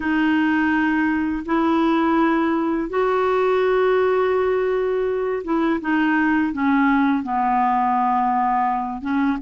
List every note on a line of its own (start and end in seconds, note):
0.00 1.43 D#4
1.45 2.89 E4
2.89 5.42 F#4
5.43 5.80 E4
5.80 6.52 D#4
6.52 7.23 C#4
7.23 9.01 B3
9.01 9.37 C#4